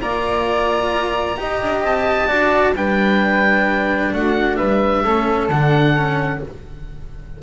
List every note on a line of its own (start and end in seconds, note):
0.00 1.38 A#3
0.00 1.37 F4
0.00 1.39 D5
0.00 1.84 A#5
1.37 1.61 D#4
1.37 2.27 G4
1.37 2.28 D#5
1.62 1.82 D4
1.82 2.28 C4
1.82 2.76 A5
2.27 2.75 D4
2.27 2.73 F#4
2.27 2.74 D5
2.75 4.13 G3
2.75 5.05 D4
2.75 4.14 B4
2.75 4.14 G5
4.13 4.59 A3
4.13 4.57 F#4
4.13 4.56 F#5
4.56 5.04 G3
4.56 5.03 B4
4.56 5.48 E5
5.04 5.49 A3
5.04 5.51 C#4
5.04 6.41 A4
5.49 6.40 D3
5.49 5.97 D4
5.49 6.42 F#5
5.97 6.43 C#4